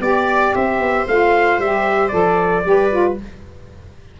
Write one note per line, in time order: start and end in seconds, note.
0.00 0.53 B3
0.00 1.06 G4
0.00 0.54 D5
0.00 0.55 D5
0.54 0.80 C4
0.54 2.66 C5
0.54 1.07 E5
0.80 1.06 B3
1.07 1.58 A3
1.07 1.62 F4
1.07 1.60 F5
1.58 2.11 G3
1.58 2.10 G4
1.58 2.08 E5
2.08 2.65 F3
2.08 2.63 A4
2.08 3.13 D5
2.64 3.18 G3
2.64 2.90 G4
2.64 3.20 B4
2.90 3.17 F4